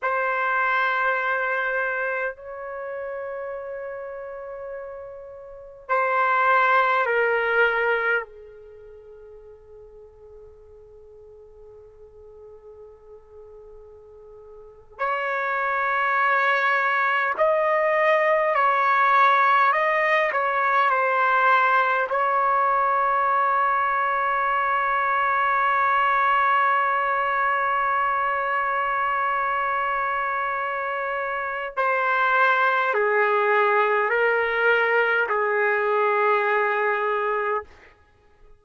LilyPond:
\new Staff \with { instrumentName = "trumpet" } { \time 4/4 \tempo 4 = 51 c''2 cis''2~ | cis''4 c''4 ais'4 gis'4~ | gis'1~ | gis'8. cis''2 dis''4 cis''16~ |
cis''8. dis''8 cis''8 c''4 cis''4~ cis''16~ | cis''1~ | cis''2. c''4 | gis'4 ais'4 gis'2 | }